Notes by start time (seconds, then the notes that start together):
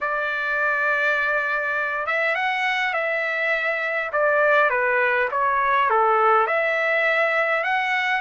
0.00 D5
2.06 E5
2.35 F#5
2.93 E5
4.12 D5
4.70 B4
5.31 C#5
5.90 A4
6.46 E5
7.63 F#5